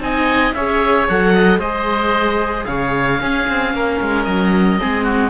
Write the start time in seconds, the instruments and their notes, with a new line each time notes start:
0.00 cello C4, viola D#4, oboe D#5 G#5
0.54 cello C#4, viola G#4, oboe C#5 E5
1.08 cello F#3, viola A4, oboe F#5
1.34 oboe D#5
1.58 cello G#3, viola G#4, oboe C5 D#5
2.65 cello C#3, oboe C#5 F5
3.21 cello C#4, viola C#4, oboe G#4
3.48 cello C4
3.74 cello A#3, oboe A#4
4.01 cello G#3
4.24 cello F#3, oboe D#5
4.79 cello G#3, viola C4, oboe G#4
5.04 oboe F#4